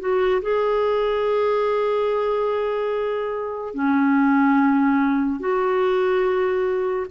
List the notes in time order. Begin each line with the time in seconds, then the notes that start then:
0.00 F#4
0.42 G#4
3.74 C#4
5.40 F#4